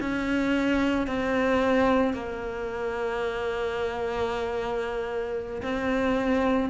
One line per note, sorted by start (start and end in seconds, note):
0.00 1.07 C#4
1.07 2.13 C4
2.13 5.62 A#3
5.62 6.69 C4